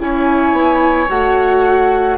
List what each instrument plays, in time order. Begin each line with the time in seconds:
0.00 bassoon C#4, viola E4, oboe C#5, flute G#5
0.52 bassoon B3
1.09 bassoon A3, viola F#4, flute F#5